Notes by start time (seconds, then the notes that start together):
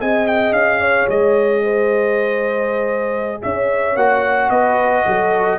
0.00 C4 G#4 D#5 G#5
0.27 G5
0.52 C#4 F5
0.80 C#5
1.08 G#3 D#5
1.63 C5
3.42 C#4 C#5 E5
3.96 A#3 F#4 F#5
4.49 B3 B4 D#5
5.05 F#3 A4